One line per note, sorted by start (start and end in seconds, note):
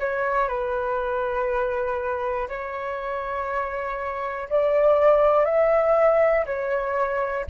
0.00 0.48 C#5
0.48 2.48 B4
2.49 4.49 C#5
4.50 5.45 D5
5.45 6.45 E5
6.46 7.46 C#5